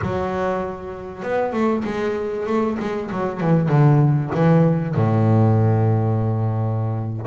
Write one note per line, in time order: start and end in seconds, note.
0.01 1.22 F#3
1.22 1.52 B3
1.52 1.83 A3
1.84 2.46 G#3
2.46 2.77 A3
2.79 3.10 G#3
3.11 3.40 F#3
3.40 3.68 E3
3.68 4.30 D3
4.34 4.94 E3
4.94 7.26 A2